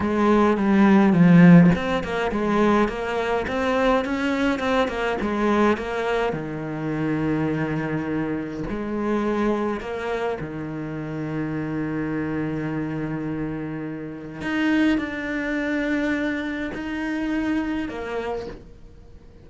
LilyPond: \new Staff \with { instrumentName = "cello" } { \time 4/4 \tempo 4 = 104 gis4 g4 f4 c'8 ais8 | gis4 ais4 c'4 cis'4 | c'8 ais8 gis4 ais4 dis4~ | dis2. gis4~ |
gis4 ais4 dis2~ | dis1~ | dis4 dis'4 d'2~ | d'4 dis'2 ais4 | }